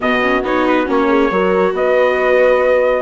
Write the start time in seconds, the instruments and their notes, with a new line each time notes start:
0.00 bassoon B2, viola B3, horn F#4, trumpet D#5
0.21 viola C#4
0.42 bassoon B3, viola D#4, trumpet C#5
0.67 trumpet B4
0.86 bassoon A#3, viola C#4, trumpet C#5
1.08 horn G#4
1.31 bassoon F#3, viola F#4, horn A#4
1.72 bassoon B3, horn B4, trumpet D#5